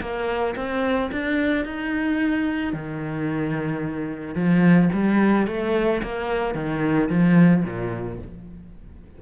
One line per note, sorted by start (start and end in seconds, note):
0.00 0.55 A#3
0.56 1.10 C4
1.12 1.65 D4
1.65 2.72 D#4
2.72 4.34 D#3
4.34 4.89 F3
4.93 5.47 G3
5.47 6.01 A3
6.02 6.54 A#3
6.54 7.09 D#3
7.09 7.64 F3
7.64 8.18 A#2